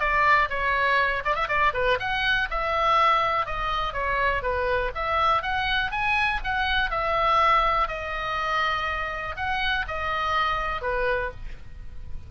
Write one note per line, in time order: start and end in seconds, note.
0.00 0.49 D5
0.50 1.23 C#5
1.25 1.35 D5
1.35 1.48 E5
1.48 1.73 D5
1.74 1.99 B4
2.00 2.49 F#5
2.50 3.46 E5
3.46 3.93 D#5
3.93 4.42 C#5
4.42 4.92 B4
4.95 5.42 E5
5.42 5.91 F#5
5.91 6.40 G#5
6.44 6.91 F#5
6.91 7.88 E5
7.88 9.36 D#5
9.36 9.86 F#5
9.88 10.82 D#5
10.82 11.31 B4